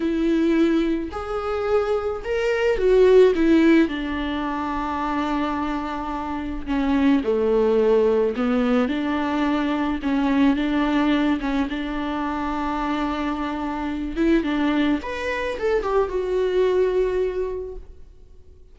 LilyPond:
\new Staff \with { instrumentName = "viola" } { \time 4/4 \tempo 4 = 108 e'2 gis'2 | ais'4 fis'4 e'4 d'4~ | d'1 | cis'4 a2 b4 |
d'2 cis'4 d'4~ | d'8 cis'8 d'2.~ | d'4. e'8 d'4 b'4 | a'8 g'8 fis'2. | }